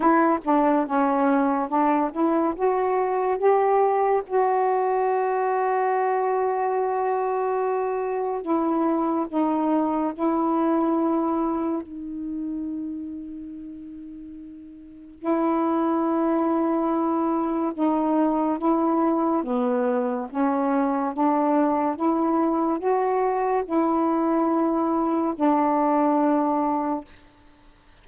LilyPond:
\new Staff \with { instrumentName = "saxophone" } { \time 4/4 \tempo 4 = 71 e'8 d'8 cis'4 d'8 e'8 fis'4 | g'4 fis'2.~ | fis'2 e'4 dis'4 | e'2 dis'2~ |
dis'2 e'2~ | e'4 dis'4 e'4 b4 | cis'4 d'4 e'4 fis'4 | e'2 d'2 | }